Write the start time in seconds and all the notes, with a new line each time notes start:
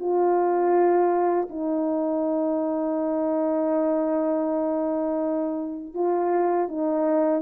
0.00 F4
1.50 D#4
5.94 F4
6.68 D#4